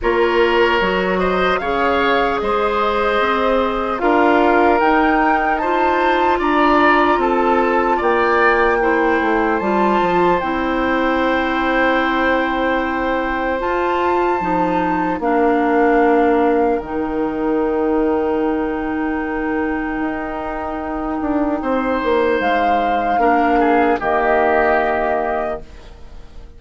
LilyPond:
<<
  \new Staff \with { instrumentName = "flute" } { \time 4/4 \tempo 4 = 75 cis''4. dis''8 f''4 dis''4~ | dis''4 f''4 g''4 a''4 | ais''4 a''4 g''2 | a''4 g''2.~ |
g''4 a''2 f''4~ | f''4 g''2.~ | g''1 | f''2 dis''2 | }
  \new Staff \with { instrumentName = "oboe" } { \time 4/4 ais'4. c''8 cis''4 c''4~ | c''4 ais'2 c''4 | d''4 a'4 d''4 c''4~ | c''1~ |
c''2. ais'4~ | ais'1~ | ais'2. c''4~ | c''4 ais'8 gis'8 g'2 | }
  \new Staff \with { instrumentName = "clarinet" } { \time 4/4 f'4 fis'4 gis'2~ | gis'4 f'4 dis'4 f'4~ | f'2. e'4 | f'4 e'2.~ |
e'4 f'4 dis'4 d'4~ | d'4 dis'2.~ | dis'1~ | dis'4 d'4 ais2 | }
  \new Staff \with { instrumentName = "bassoon" } { \time 4/4 ais4 fis4 cis4 gis4 | c'4 d'4 dis'2 | d'4 c'4 ais4. a8 | g8 f8 c'2.~ |
c'4 f'4 f4 ais4~ | ais4 dis2.~ | dis4 dis'4. d'8 c'8 ais8 | gis4 ais4 dis2 | }
>>